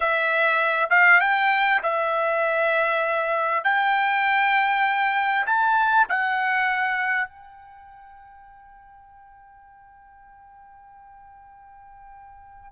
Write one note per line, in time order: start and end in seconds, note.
0.00 0.89 E5
0.90 1.20 F5
1.20 1.81 G5
1.82 3.64 E5
3.64 5.45 G5
5.46 6.07 A5
6.08 7.28 F#5
7.28 12.72 G5